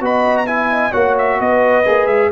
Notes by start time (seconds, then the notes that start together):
0.00 B3 F#4 D#5 B5
0.37 A#5
0.46 E4 E5 G#5
0.70 D#5
0.91 A#3 F#4 C#5 F#5
1.18 E5
1.39 B3 B4 D#5
1.85 A#3 G#4
2.07 G#3 E5